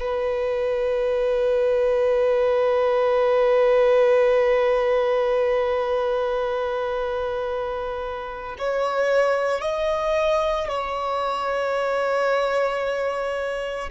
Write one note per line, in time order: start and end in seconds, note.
0.00 8.57 B4
8.59 9.61 C#5
9.61 10.69 D#5
10.69 13.90 C#5